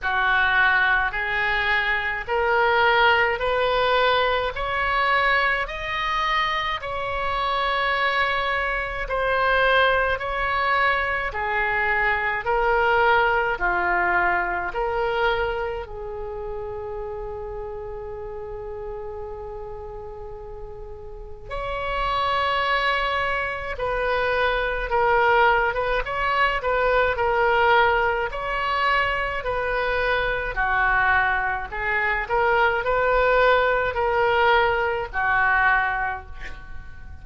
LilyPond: \new Staff \with { instrumentName = "oboe" } { \time 4/4 \tempo 4 = 53 fis'4 gis'4 ais'4 b'4 | cis''4 dis''4 cis''2 | c''4 cis''4 gis'4 ais'4 | f'4 ais'4 gis'2~ |
gis'2. cis''4~ | cis''4 b'4 ais'8. b'16 cis''8 b'8 | ais'4 cis''4 b'4 fis'4 | gis'8 ais'8 b'4 ais'4 fis'4 | }